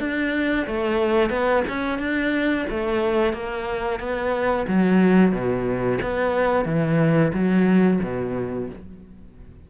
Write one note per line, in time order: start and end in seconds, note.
0.00 0.67 D4
0.67 1.31 A3
1.31 1.64 B3
1.69 1.99 C#4
1.99 2.66 D4
2.71 3.33 A3
3.33 4.00 A#3
4.00 4.67 B3
4.68 5.32 F#3
5.32 5.99 B2
6.03 6.66 B3
6.66 7.32 E3
7.34 8.01 F#3
8.03 8.70 B2